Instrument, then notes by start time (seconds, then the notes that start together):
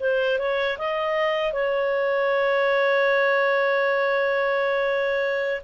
clarinet
0.00 C5
0.39 C#5
0.78 D#5
1.53 C#5